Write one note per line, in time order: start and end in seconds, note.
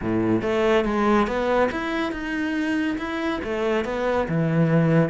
0.01 0.42 A2
0.42 0.84 A3
0.85 1.27 G#3
1.27 1.69 B3
1.71 2.12 E4
2.12 2.97 D#4
2.97 3.40 E4
3.44 3.85 A3
3.85 4.27 B3
4.28 5.09 E3